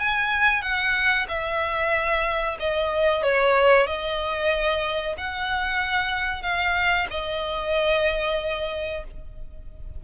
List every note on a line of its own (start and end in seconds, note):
0.00 0.62 G#5
0.62 1.27 F#5
1.29 2.58 E5
2.60 3.23 D#5
3.23 3.87 C#5
3.87 5.16 D#5
5.18 6.43 F#5
6.43 7.07 F5
7.11 9.04 D#5